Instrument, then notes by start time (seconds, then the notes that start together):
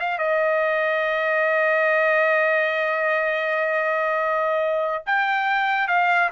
trumpet
0.00 F5
0.18 D#5
5.06 G5
5.88 F5